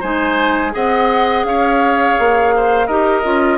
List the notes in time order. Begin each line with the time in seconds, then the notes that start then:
0.00 G#3 D#4 C5 G#5
0.71 C4 G#4 D#5 F#5
1.44 C#4 C#5 F5
2.18 A#3
2.56 C5
2.87 D#4 G4 A#4 D#5
3.23 C#4 F4